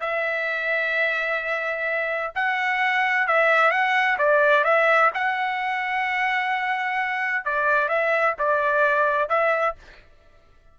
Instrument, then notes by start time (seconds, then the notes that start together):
trumpet
0.00 E5
2.35 F#5
3.27 E5
3.71 F#5
4.18 D5
4.64 E5
5.14 F#5
7.45 D5
7.88 E5
8.38 D5
9.29 E5